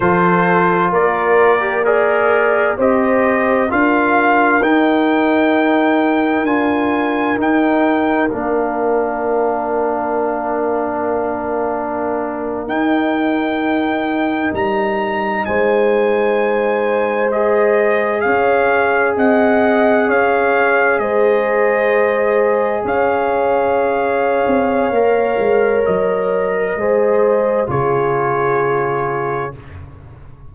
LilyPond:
<<
  \new Staff \with { instrumentName = "trumpet" } { \time 4/4 \tempo 4 = 65 c''4 d''4 ais'4 dis''4 | f''4 g''2 gis''4 | g''4 f''2.~ | f''4.~ f''16 g''2 ais''16~ |
ais''8. gis''2 dis''4 f''16~ | f''8. fis''4 f''4 dis''4~ dis''16~ | dis''8. f''2.~ f''16 | dis''2 cis''2 | }
  \new Staff \with { instrumentName = "horn" } { \time 4/4 a'4 ais'4 d''4 c''4 | ais'1~ | ais'1~ | ais'1~ |
ais'8. c''2. cis''16~ | cis''8. dis''4 cis''4 c''4~ c''16~ | c''8. cis''2.~ cis''16~ | cis''4 c''4 gis'2 | }
  \new Staff \with { instrumentName = "trombone" } { \time 4/4 f'4.~ f'16 g'16 gis'4 g'4 | f'4 dis'2 f'4 | dis'4 d'2.~ | d'4.~ d'16 dis'2~ dis'16~ |
dis'2~ dis'8. gis'4~ gis'16~ | gis'1~ | gis'2. ais'4~ | ais'4 gis'4 f'2 | }
  \new Staff \with { instrumentName = "tuba" } { \time 4/4 f4 ais2 c'4 | d'4 dis'2 d'4 | dis'4 ais2.~ | ais4.~ ais16 dis'2 g16~ |
g8. gis2. cis'16~ | cis'8. c'4 cis'4 gis4~ gis16~ | gis8. cis'4.~ cis'16 c'8 ais8 gis8 | fis4 gis4 cis2 | }
>>